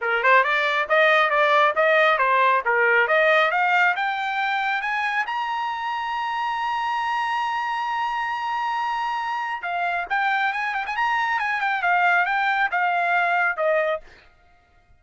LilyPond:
\new Staff \with { instrumentName = "trumpet" } { \time 4/4 \tempo 4 = 137 ais'8 c''8 d''4 dis''4 d''4 | dis''4 c''4 ais'4 dis''4 | f''4 g''2 gis''4 | ais''1~ |
ais''1~ | ais''2 f''4 g''4 | gis''8 g''16 gis''16 ais''4 gis''8 g''8 f''4 | g''4 f''2 dis''4 | }